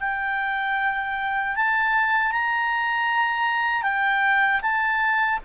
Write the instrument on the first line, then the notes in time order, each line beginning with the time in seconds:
clarinet
0.00 G5
1.56 A5
2.32 A#5
3.83 G5
4.62 A5